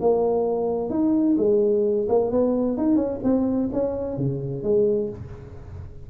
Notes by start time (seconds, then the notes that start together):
0.00 A#3
0.90 D#4
1.37 G#3
2.08 A#3
2.31 B3
2.77 D#4
2.96 C#4
3.23 C4
3.73 C#4
4.17 C#3
4.63 G#3